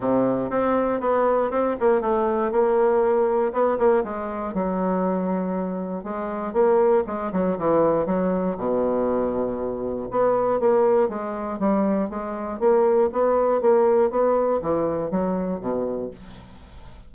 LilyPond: \new Staff \with { instrumentName = "bassoon" } { \time 4/4 \tempo 4 = 119 c4 c'4 b4 c'8 ais8 | a4 ais2 b8 ais8 | gis4 fis2. | gis4 ais4 gis8 fis8 e4 |
fis4 b,2. | b4 ais4 gis4 g4 | gis4 ais4 b4 ais4 | b4 e4 fis4 b,4 | }